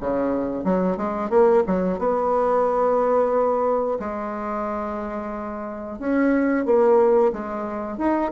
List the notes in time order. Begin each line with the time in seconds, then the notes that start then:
0.00 C#3
0.64 F#3
0.97 G#3
1.30 A#3
1.66 F#3
1.98 B3
3.99 G#3
5.99 C#4
6.65 A#3
7.32 G#3
7.98 D#4